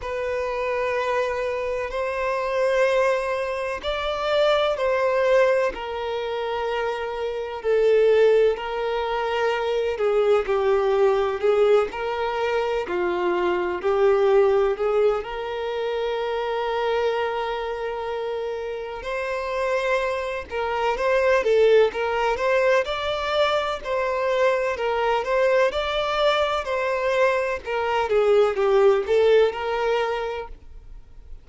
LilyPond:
\new Staff \with { instrumentName = "violin" } { \time 4/4 \tempo 4 = 63 b'2 c''2 | d''4 c''4 ais'2 | a'4 ais'4. gis'8 g'4 | gis'8 ais'4 f'4 g'4 gis'8 |
ais'1 | c''4. ais'8 c''8 a'8 ais'8 c''8 | d''4 c''4 ais'8 c''8 d''4 | c''4 ais'8 gis'8 g'8 a'8 ais'4 | }